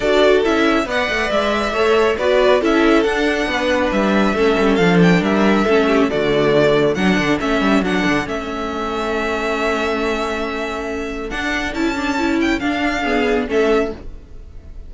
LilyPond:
<<
  \new Staff \with { instrumentName = "violin" } { \time 4/4 \tempo 4 = 138 d''4 e''4 fis''4 e''4~ | e''4 d''4 e''4 fis''4~ | fis''4 e''2 f''8 g''8 | e''2 d''2 |
fis''4 e''4 fis''4 e''4~ | e''1~ | e''2 fis''4 a''4~ | a''8 g''8 f''2 e''4 | }
  \new Staff \with { instrumentName = "violin" } { \time 4/4 a'2 d''2 | cis''4 b'4 a'2 | b'2 a'2 | ais'4 a'8 g'8 fis'2 |
a'1~ | a'1~ | a'1~ | a'2 gis'4 a'4 | }
  \new Staff \with { instrumentName = "viola" } { \time 4/4 fis'4 e'4 b'2 | a'4 fis'4 e'4 d'4~ | d'2 cis'4 d'4~ | d'4 cis'4 a2 |
d'4 cis'4 d'4 cis'4~ | cis'1~ | cis'2 d'4 e'8 d'8 | e'4 d'4 b4 cis'4 | }
  \new Staff \with { instrumentName = "cello" } { \time 4/4 d'4 cis'4 b8 a8 gis4 | a4 b4 cis'4 d'4 | b4 g4 a8 g8 f4 | g4 a4 d2 |
fis8 d8 a8 g8 fis8 d8 a4~ | a1~ | a2 d'4 cis'4~ | cis'4 d'2 a4 | }
>>